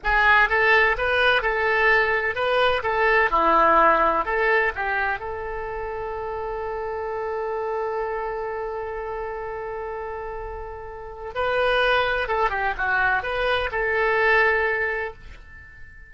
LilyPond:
\new Staff \with { instrumentName = "oboe" } { \time 4/4 \tempo 4 = 127 gis'4 a'4 b'4 a'4~ | a'4 b'4 a'4 e'4~ | e'4 a'4 g'4 a'4~ | a'1~ |
a'1~ | a'1 | b'2 a'8 g'8 fis'4 | b'4 a'2. | }